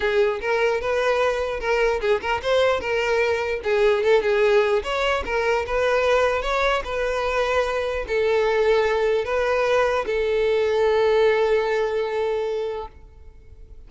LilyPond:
\new Staff \with { instrumentName = "violin" } { \time 4/4 \tempo 4 = 149 gis'4 ais'4 b'2 | ais'4 gis'8 ais'8 c''4 ais'4~ | ais'4 gis'4 a'8 gis'4. | cis''4 ais'4 b'2 |
cis''4 b'2. | a'2. b'4~ | b'4 a'2.~ | a'1 | }